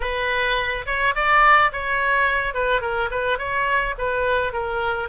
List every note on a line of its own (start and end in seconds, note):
0.00 0.85 B4
0.86 1.14 C#5
1.15 1.71 D5
1.72 2.54 C#5
2.54 2.81 B4
2.81 3.09 A#4
3.11 3.38 B4
3.38 3.95 C#5
3.98 4.53 B4
4.53 5.08 A#4